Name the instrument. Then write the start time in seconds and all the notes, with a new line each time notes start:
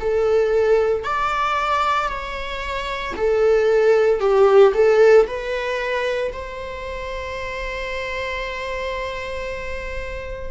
viola
0.00 A4
1.04 D5
2.09 C#5
3.17 A4
4.20 G4
4.74 A4
5.27 B4
6.33 C5